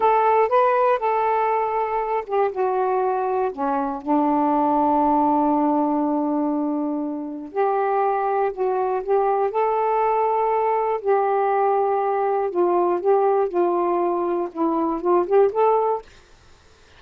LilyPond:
\new Staff \with { instrumentName = "saxophone" } { \time 4/4 \tempo 4 = 120 a'4 b'4 a'2~ | a'8 g'8 fis'2 cis'4 | d'1~ | d'2. g'4~ |
g'4 fis'4 g'4 a'4~ | a'2 g'2~ | g'4 f'4 g'4 f'4~ | f'4 e'4 f'8 g'8 a'4 | }